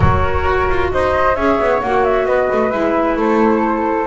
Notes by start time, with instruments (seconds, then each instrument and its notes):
0.00 double bass F#3, clarinet F#4, flute A#4 C#5
0.45 double bass F#4
0.69 double bass F4
0.91 double bass D#4, flute C5 D#5
1.35 double bass C#4, clarinet G#4, flute C#5 E5
1.59 double bass B3
1.81 double bass A#3, clarinet F#4, flute F#5
2.04 flute E5
2.25 double bass B3, flute B4 D#5
2.52 double bass A3
2.70 double bass G#3, clarinet E4, flute E5
3.16 double bass A3, flute A4 C5